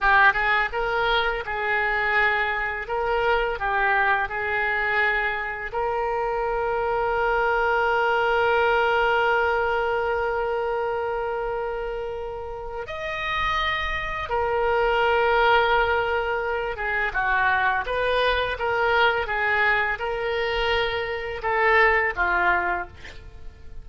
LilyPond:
\new Staff \with { instrumentName = "oboe" } { \time 4/4 \tempo 4 = 84 g'8 gis'8 ais'4 gis'2 | ais'4 g'4 gis'2 | ais'1~ | ais'1~ |
ais'2 dis''2 | ais'2.~ ais'8 gis'8 | fis'4 b'4 ais'4 gis'4 | ais'2 a'4 f'4 | }